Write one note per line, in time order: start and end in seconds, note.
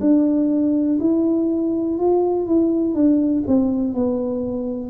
0.00 0.98 D4
1.00 1.98 E4
1.98 2.46 F4
2.46 2.94 E4
2.94 3.43 D4
3.47 3.93 C4
3.93 4.90 B3